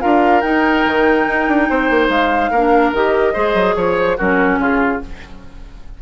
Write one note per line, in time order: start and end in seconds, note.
0.00 0.43 D4
0.00 0.42 F4
0.00 1.68 A#4
0.00 0.41 F5
0.41 0.84 D#4
0.41 2.52 D#4
0.41 2.07 G5
0.85 1.27 D#3
1.27 1.47 D#4
1.47 1.68 D4
1.69 1.90 C4
1.69 2.51 C5
1.90 2.09 A#3
2.09 2.50 G#3
2.09 2.92 F5
2.51 2.92 A#3
2.51 2.95 D4
2.51 3.33 A#4
2.92 3.34 D#3
2.92 3.34 G4
2.92 3.74 D#5
3.33 3.53 G#3
3.33 4.17 G#4
3.33 3.74 C5
3.53 3.74 F#3
3.74 4.17 F3
3.74 3.95 C#5
3.74 4.17 C#5
3.99 4.17 C5
4.17 4.58 F#3
4.17 5.01 C#4
4.17 4.58 F#4
4.17 4.59 A#4
4.58 5.00 C#3
4.58 5.01 F4
4.58 5.02 G#4